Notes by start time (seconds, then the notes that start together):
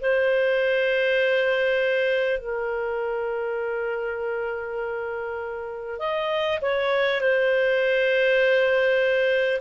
0.00 C5
2.39 A#4
5.98 D#5
6.61 C#5
7.20 C5